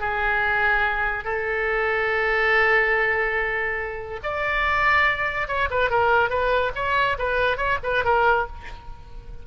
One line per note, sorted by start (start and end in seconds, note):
0.00 1.24 G#4
1.24 4.20 A4
4.23 5.48 D5
5.48 5.69 C#5
5.70 5.90 B4
5.90 6.29 A#4
6.29 6.72 B4
6.75 7.17 C#5
7.19 7.57 B4
7.57 7.78 C#5
7.83 8.04 B4
8.04 8.47 A#4